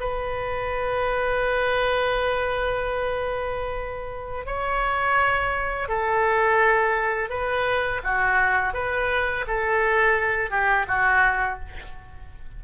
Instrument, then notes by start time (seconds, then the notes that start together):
oboe
0.00 B4
4.46 C#5
5.88 A4
7.30 B4
8.04 F#4
8.74 B4
9.47 A4
10.50 G4
10.88 F#4